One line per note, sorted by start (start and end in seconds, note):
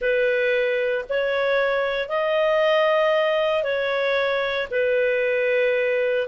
0.01 1.05 B4
1.09 2.08 C#5
2.08 3.63 D#5
3.63 4.67 C#5
4.71 6.27 B4